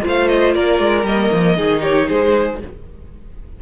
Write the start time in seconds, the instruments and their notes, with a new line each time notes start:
0.00 viola F4, violin C5
0.06 cello A3, violin F5
0.28 violin D#5
0.54 cello A#3, violin A#4 D5
0.79 cello G#3
1.03 cello G3, viola A#3, violin D#5
1.32 cello F3
1.56 cello D#3, viola D#4, violin G#4
1.81 violin G4 C#5
2.07 cello G#3, violin G#4 C5